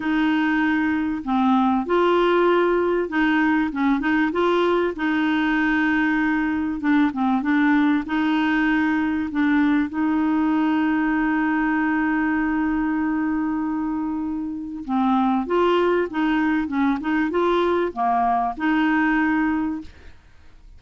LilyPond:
\new Staff \with { instrumentName = "clarinet" } { \time 4/4 \tempo 4 = 97 dis'2 c'4 f'4~ | f'4 dis'4 cis'8 dis'8 f'4 | dis'2. d'8 c'8 | d'4 dis'2 d'4 |
dis'1~ | dis'1 | c'4 f'4 dis'4 cis'8 dis'8 | f'4 ais4 dis'2 | }